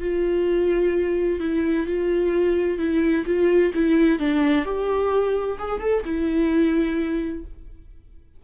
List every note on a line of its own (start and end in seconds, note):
0.00 1.40 F4
1.40 1.86 E4
1.86 2.78 F4
2.78 3.25 E4
3.26 3.72 F4
3.74 4.18 E4
4.18 4.64 D4
4.64 5.58 G4
5.58 5.80 G#4
5.80 6.03 A4
6.04 7.44 E4